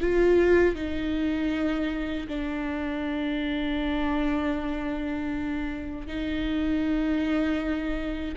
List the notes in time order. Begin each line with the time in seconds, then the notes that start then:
0.00 F4
0.75 D#4
2.28 D4
6.07 D#4